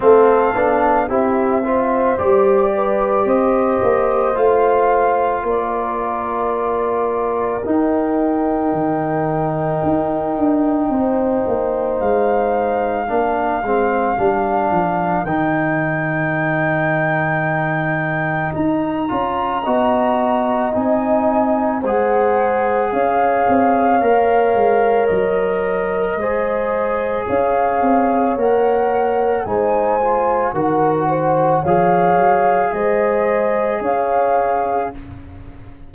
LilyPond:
<<
  \new Staff \with { instrumentName = "flute" } { \time 4/4 \tempo 4 = 55 f''4 e''4 d''4 dis''4 | f''4 d''2 g''4~ | g''2. f''4~ | f''2 g''2~ |
g''4 ais''2 gis''4 | fis''4 f''2 dis''4~ | dis''4 f''4 fis''4 gis''4 | fis''4 f''4 dis''4 f''4 | }
  \new Staff \with { instrumentName = "horn" } { \time 4/4 a'4 g'8 c''4 b'8 c''4~ | c''4 ais'2.~ | ais'2 c''2 | ais'1~ |
ais'2 dis''2 | c''4 cis''2. | c''4 cis''2 c''4 | ais'8 c''8 cis''4 c''4 cis''4 | }
  \new Staff \with { instrumentName = "trombone" } { \time 4/4 c'8 d'8 e'8 f'8 g'2 | f'2. dis'4~ | dis'1 | d'8 c'8 d'4 dis'2~ |
dis'4. f'8 fis'4 dis'4 | gis'2 ais'2 | gis'2 ais'4 dis'8 f'8 | fis'4 gis'2. | }
  \new Staff \with { instrumentName = "tuba" } { \time 4/4 a8 b8 c'4 g4 c'8 ais8 | a4 ais2 dis'4 | dis4 dis'8 d'8 c'8 ais8 gis4 | ais8 gis8 g8 f8 dis2~ |
dis4 dis'8 cis'8 b4 c'4 | gis4 cis'8 c'8 ais8 gis8 fis4 | gis4 cis'8 c'8 ais4 gis4 | dis4 f8 fis8 gis4 cis'4 | }
>>